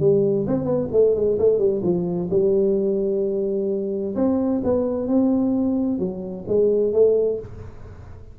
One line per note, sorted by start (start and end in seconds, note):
0.00 0.46 G3
0.47 0.65 C4
0.65 0.88 B3
0.92 1.15 A3
1.15 1.38 G#3
1.39 1.59 A3
1.59 1.82 G3
1.83 2.29 F3
2.31 4.15 G3
4.16 4.62 C4
4.64 5.08 B3
5.08 5.99 C4
5.99 6.45 F#3
6.48 6.93 G#3
6.93 7.40 A3